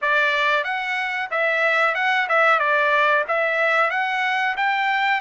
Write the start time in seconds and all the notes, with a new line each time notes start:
0.01 D5
0.63 F#5
1.30 E5
1.94 F#5
2.28 E5
2.59 D5
3.28 E5
3.90 F#5
4.57 G5